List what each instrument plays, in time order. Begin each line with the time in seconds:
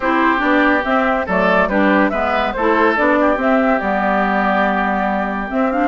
0.00 bassoon C4, clarinet E4, oboe G4, flute C5
0.37 bassoon B3, clarinet D4, flute D5
0.84 bassoon C4, clarinet C4, flute E5
1.26 bassoon F#3, clarinet A3, oboe A4, flute D5
1.68 bassoon G3, clarinet D4, oboe G4, flute B4
2.09 bassoon G#3, clarinet B3, oboe B4, flute E5
2.52 bassoon A3, oboe A4, flute C5
2.58 clarinet E4
2.96 bassoon B3, clarinet D4, flute D5
3.20 oboe G4
3.36 clarinet C4, bassoon C4, flute E5
3.79 bassoon G3, clarinet B3, flute D5
5.48 clarinet C4, bassoon C4, flute E5
5.71 clarinet D4, flute F5